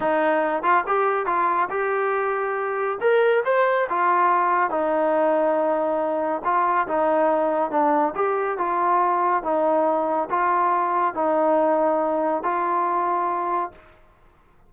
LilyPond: \new Staff \with { instrumentName = "trombone" } { \time 4/4 \tempo 4 = 140 dis'4. f'8 g'4 f'4 | g'2. ais'4 | c''4 f'2 dis'4~ | dis'2. f'4 |
dis'2 d'4 g'4 | f'2 dis'2 | f'2 dis'2~ | dis'4 f'2. | }